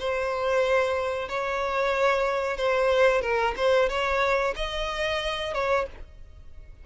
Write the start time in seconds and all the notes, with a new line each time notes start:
0.00 C5
1.29 C#5
2.57 C5
3.22 A#4
3.57 C5
3.89 C#5
4.56 D#5
5.54 C#5